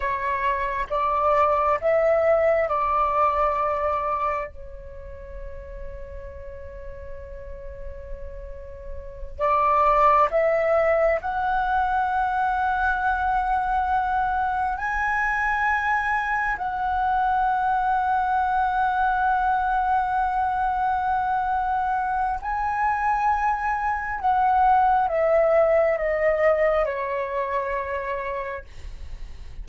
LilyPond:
\new Staff \with { instrumentName = "flute" } { \time 4/4 \tempo 4 = 67 cis''4 d''4 e''4 d''4~ | d''4 cis''2.~ | cis''2~ cis''8 d''4 e''8~ | e''8 fis''2.~ fis''8~ |
fis''8 gis''2 fis''4.~ | fis''1~ | fis''4 gis''2 fis''4 | e''4 dis''4 cis''2 | }